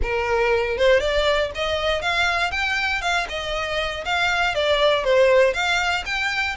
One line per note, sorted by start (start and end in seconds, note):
0.02 0.77 A#4
0.77 1.00 C5
1.00 1.50 D5
1.54 2.01 D#5
2.01 2.51 F5
2.51 3.01 G5
3.01 3.26 F5
3.28 4.04 D#5
4.05 4.54 F5
4.54 5.04 D5
5.04 5.53 C5
5.53 6.04 F5
6.05 6.55 G5